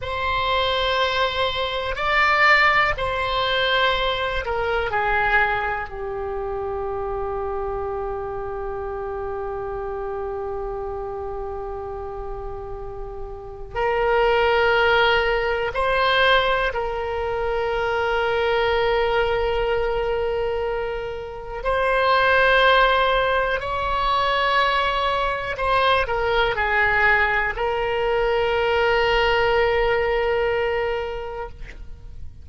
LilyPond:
\new Staff \with { instrumentName = "oboe" } { \time 4/4 \tempo 4 = 61 c''2 d''4 c''4~ | c''8 ais'8 gis'4 g'2~ | g'1~ | g'2 ais'2 |
c''4 ais'2.~ | ais'2 c''2 | cis''2 c''8 ais'8 gis'4 | ais'1 | }